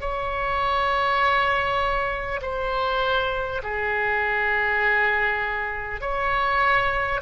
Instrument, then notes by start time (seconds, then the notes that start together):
oboe
0.00 C#5
2.41 C5
3.62 G#4
6.01 C#5